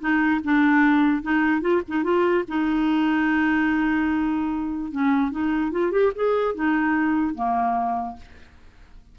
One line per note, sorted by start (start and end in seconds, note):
0.00 0.41 D#4
0.44 1.22 D4
1.22 1.61 D#4
1.61 1.82 F4
1.88 2.04 D#4
2.04 2.44 F4
2.48 4.92 D#4
4.92 5.31 C#4
5.31 5.72 D#4
5.72 5.91 F4
5.91 6.12 G4
6.15 6.55 G#4
6.55 7.35 D#4
7.35 8.17 A#3